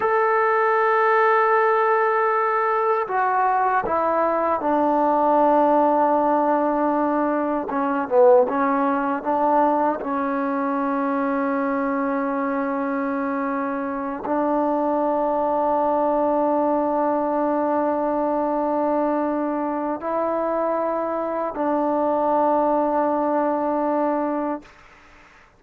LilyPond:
\new Staff \with { instrumentName = "trombone" } { \time 4/4 \tempo 4 = 78 a'1 | fis'4 e'4 d'2~ | d'2 cis'8 b8 cis'4 | d'4 cis'2.~ |
cis'2~ cis'8 d'4.~ | d'1~ | d'2 e'2 | d'1 | }